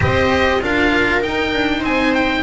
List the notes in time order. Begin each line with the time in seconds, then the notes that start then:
0.00 C4 G4 C5 D#5
0.61 D4 F4 A#4 F5
1.20 D#4 G5
1.54 D4
1.79 C4 C5 G#5
2.14 G5